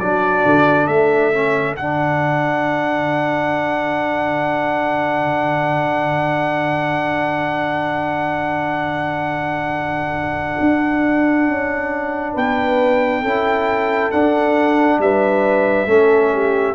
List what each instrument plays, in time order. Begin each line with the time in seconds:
0.00 tuba F#3, trombone D4, horn F#4, trumpet D5
0.45 tuba D3
0.87 tuba A3, horn A4, trumpet E5
1.33 trombone C#4
1.74 tuba D3, trombone D4, trumpet F#5
10.60 tuba D4
11.48 tuba C#4
12.33 tuba B3, horn B4, trumpet G5
13.22 tuba C#4, trombone E4, horn A4
14.12 trombone D4, tuba D4, trumpet F#5
14.99 tuba G3, horn B4, trumpet E5
15.86 tuba A3, trombone C#4, horn A4
16.33 horn G4